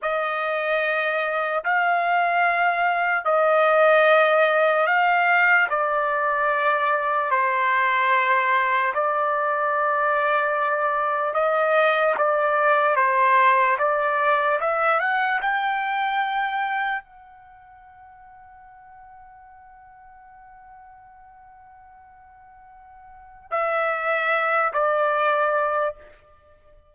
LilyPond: \new Staff \with { instrumentName = "trumpet" } { \time 4/4 \tempo 4 = 74 dis''2 f''2 | dis''2 f''4 d''4~ | d''4 c''2 d''4~ | d''2 dis''4 d''4 |
c''4 d''4 e''8 fis''8 g''4~ | g''4 fis''2.~ | fis''1~ | fis''4 e''4. d''4. | }